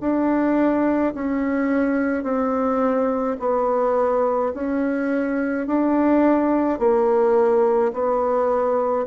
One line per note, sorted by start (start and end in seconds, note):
0.00 1.13 D4
1.14 2.23 C#4
2.23 3.36 C4
3.39 4.52 B3
4.54 5.67 C#4
5.67 6.79 D4
6.79 7.92 A#3
7.93 9.06 B3